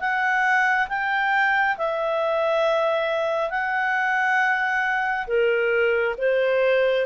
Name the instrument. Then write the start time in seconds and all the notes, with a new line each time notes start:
clarinet
0.00 F#5
0.89 G5
1.78 E5
3.50 F#5
5.27 A#4
6.18 C5